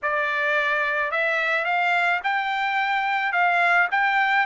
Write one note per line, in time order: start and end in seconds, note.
0.02 1.11 D5
1.11 1.64 E5
1.64 2.20 F5
2.23 3.32 G5
3.32 3.88 F5
3.91 4.45 G5